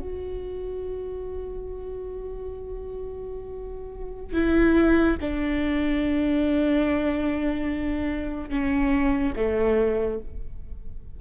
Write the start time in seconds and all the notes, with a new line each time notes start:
0.00 F#4
4.34 E4
5.21 D4
8.50 C#4
9.36 A3